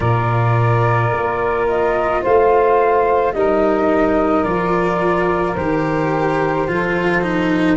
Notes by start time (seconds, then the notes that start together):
0.00 A#2 F4 A#4 D5
1.11 A#3
1.68 D#5
2.22 A3 C5 F5
3.33 G3 D#4 A#4 D#5
4.43 F3 F4 D5
5.55 D#3 G4 C5
6.68 F3 F4 A4
7.22 D#4